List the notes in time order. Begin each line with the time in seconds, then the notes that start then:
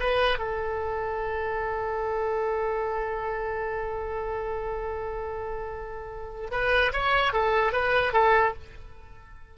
0.00 B4
0.38 A4
6.51 B4
6.93 C#5
7.33 A4
7.73 B4
8.13 A4